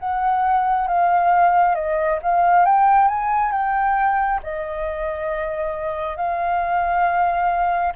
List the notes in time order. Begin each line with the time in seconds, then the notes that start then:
0.00 F#5
0.88 F5
1.75 D#5
2.23 F5
2.66 G5
3.08 G#5
3.52 G5
4.44 D#5
6.17 F5